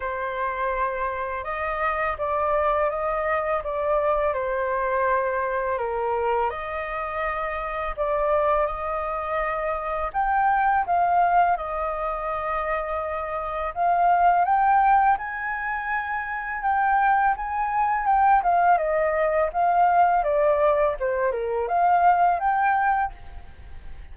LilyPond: \new Staff \with { instrumentName = "flute" } { \time 4/4 \tempo 4 = 83 c''2 dis''4 d''4 | dis''4 d''4 c''2 | ais'4 dis''2 d''4 | dis''2 g''4 f''4 |
dis''2. f''4 | g''4 gis''2 g''4 | gis''4 g''8 f''8 dis''4 f''4 | d''4 c''8 ais'8 f''4 g''4 | }